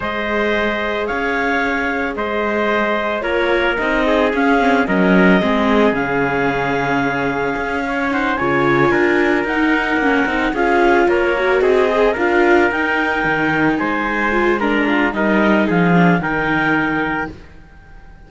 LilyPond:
<<
  \new Staff \with { instrumentName = "clarinet" } { \time 4/4 \tempo 4 = 111 dis''2 f''2 | dis''2 cis''4 dis''4 | f''4 dis''2 f''4~ | f''2. fis''8 gis''8~ |
gis''4. fis''2 f''8~ | f''8 cis''4 dis''4 f''4 g''8~ | g''4. gis''4. ais''4 | dis''4 f''4 g''2 | }
  \new Staff \with { instrumentName = "trumpet" } { \time 4/4 c''2 cis''2 | c''2 ais'4. gis'8~ | gis'4 ais'4 gis'2~ | gis'2~ gis'8 cis''8 c''8 cis''8~ |
cis''8 ais'2. gis'8~ | gis'8 ais'4 gis'4 ais'4.~ | ais'4. c''4. ais'8 f'8 | ais'4 gis'4 ais'2 | }
  \new Staff \with { instrumentName = "viola" } { \time 4/4 gis'1~ | gis'2 f'4 dis'4 | cis'8 c'8 cis'4 c'4 cis'4~ | cis'2. dis'8 f'8~ |
f'4. dis'4 cis'8 dis'8 f'8~ | f'4 fis'4 gis'8 f'4 dis'8~ | dis'2~ dis'8 f'8 d'4 | dis'4. d'8 dis'2 | }
  \new Staff \with { instrumentName = "cello" } { \time 4/4 gis2 cis'2 | gis2 ais4 c'4 | cis'4 fis4 gis4 cis4~ | cis2 cis'4. cis8~ |
cis8 d'4 dis'4 ais8 c'8 cis'8~ | cis'8 ais4 c'4 d'4 dis'8~ | dis'8 dis4 gis2~ gis8 | g4 f4 dis2 | }
>>